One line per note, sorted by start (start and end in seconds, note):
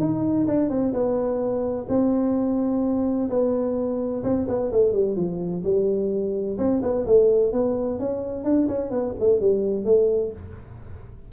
0.00 0.47 D#4
0.47 0.69 D4
0.69 0.93 C4
0.93 1.87 B3
1.89 3.29 C4
3.30 4.23 B3
4.24 4.47 C4
4.48 4.71 B3
4.72 4.93 A3
4.93 5.16 G3
5.16 5.63 F3
5.64 6.58 G3
6.58 6.81 C4
6.82 7.06 B3
7.06 7.52 A3
7.52 7.99 B3
7.99 8.44 C#4
8.44 8.68 D4
8.68 8.91 C#4
8.91 9.14 B3
9.20 9.40 A3
9.40 9.85 G3
9.85 10.32 A3